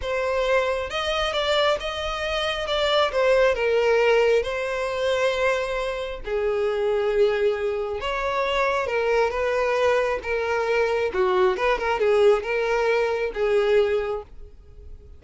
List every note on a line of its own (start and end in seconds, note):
0.01 0.90 C5
0.90 1.33 D#5
1.33 1.77 D5
1.80 2.66 D#5
2.66 3.11 D5
3.11 3.55 C5
3.55 4.42 A#4
4.42 6.20 C5
6.24 8.00 G#4
8.00 8.86 C#5
8.86 9.30 A#4
9.30 10.19 B4
10.22 11.11 A#4
11.13 11.56 F#4
11.56 11.78 B4
11.78 11.99 A#4
11.99 12.42 G#4
12.42 13.31 A#4
13.34 14.22 G#4